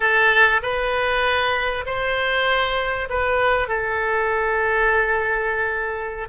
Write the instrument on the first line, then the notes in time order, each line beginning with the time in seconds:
oboe
0.00 A4
0.62 B4
1.85 C5
3.09 B4
3.67 A4